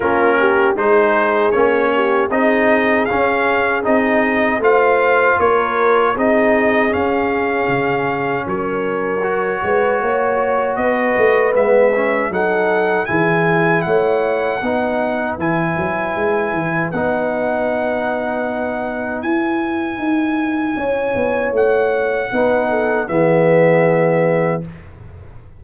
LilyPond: <<
  \new Staff \with { instrumentName = "trumpet" } { \time 4/4 \tempo 4 = 78 ais'4 c''4 cis''4 dis''4 | f''4 dis''4 f''4 cis''4 | dis''4 f''2 cis''4~ | cis''2 dis''4 e''4 |
fis''4 gis''4 fis''2 | gis''2 fis''2~ | fis''4 gis''2. | fis''2 e''2 | }
  \new Staff \with { instrumentName = "horn" } { \time 4/4 f'8 g'8 gis'4. g'8 gis'4~ | gis'2 c''4 ais'4 | gis'2. ais'4~ | ais'8 b'8 cis''4 b'2 |
a'4 gis'4 cis''4 b'4~ | b'1~ | b'2. cis''4~ | cis''4 b'8 a'8 gis'2 | }
  \new Staff \with { instrumentName = "trombone" } { \time 4/4 cis'4 dis'4 cis'4 dis'4 | cis'4 dis'4 f'2 | dis'4 cis'2. | fis'2. b8 cis'8 |
dis'4 e'2 dis'4 | e'2 dis'2~ | dis'4 e'2.~ | e'4 dis'4 b2 | }
  \new Staff \with { instrumentName = "tuba" } { \time 4/4 ais4 gis4 ais4 c'4 | cis'4 c'4 a4 ais4 | c'4 cis'4 cis4 fis4~ | fis8 gis8 ais4 b8 a8 gis4 |
fis4 e4 a4 b4 | e8 fis8 gis8 e8 b2~ | b4 e'4 dis'4 cis'8 b8 | a4 b4 e2 | }
>>